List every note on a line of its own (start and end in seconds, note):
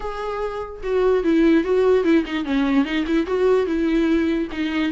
0.00 0.81 G#4
0.83 1.23 F#4
1.23 1.63 E4
1.63 2.04 F#4
2.04 2.24 E4
2.25 2.45 D#4
2.45 2.85 C#4
2.85 3.05 D#4
3.06 3.26 E4
3.26 3.66 F#4
3.66 4.48 E4
4.51 4.91 D#4